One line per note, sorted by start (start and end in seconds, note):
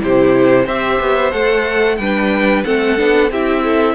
0.00 0.67 C3
0.00 0.66 E4
0.00 0.65 G4
0.00 0.68 C5
0.65 1.00 C4
0.65 1.32 G4
0.65 1.97 C5
0.65 1.32 E5
1.00 1.33 B3
1.32 1.99 A3
1.32 1.98 A4
1.32 1.97 F#5
1.97 2.65 G3
1.97 2.66 D4
1.97 2.66 B4
1.97 2.63 G5
2.65 3.00 A3
2.65 2.97 C4
2.65 3.32 A4
2.65 3.31 F#5
2.97 3.31 B3
2.97 3.30 D4
3.31 3.95 C4
3.31 3.95 E4
3.31 3.64 G4
3.31 3.95 E5
3.64 3.95 A4